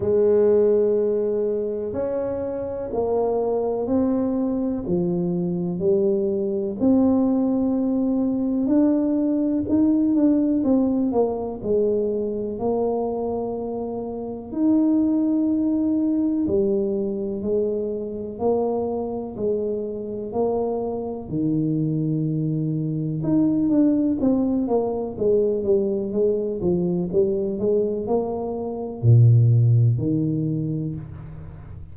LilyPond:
\new Staff \with { instrumentName = "tuba" } { \time 4/4 \tempo 4 = 62 gis2 cis'4 ais4 | c'4 f4 g4 c'4~ | c'4 d'4 dis'8 d'8 c'8 ais8 | gis4 ais2 dis'4~ |
dis'4 g4 gis4 ais4 | gis4 ais4 dis2 | dis'8 d'8 c'8 ais8 gis8 g8 gis8 f8 | g8 gis8 ais4 ais,4 dis4 | }